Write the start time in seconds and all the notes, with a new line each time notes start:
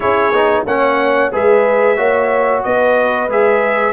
0.00 C#4 E4 G#4 C#5
0.32 B3 D#4
0.66 A#3 C#4 C#5 F#5
1.32 G#3 G#4 B4 E5
1.96 A#3 F#4 C#5
2.63 B3 B4 D#5
3.28 G#3 G#4 E5